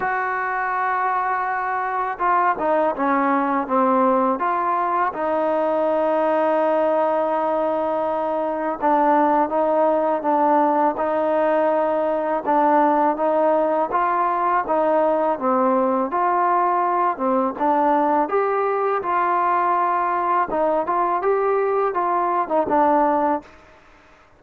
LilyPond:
\new Staff \with { instrumentName = "trombone" } { \time 4/4 \tempo 4 = 82 fis'2. f'8 dis'8 | cis'4 c'4 f'4 dis'4~ | dis'1 | d'4 dis'4 d'4 dis'4~ |
dis'4 d'4 dis'4 f'4 | dis'4 c'4 f'4. c'8 | d'4 g'4 f'2 | dis'8 f'8 g'4 f'8. dis'16 d'4 | }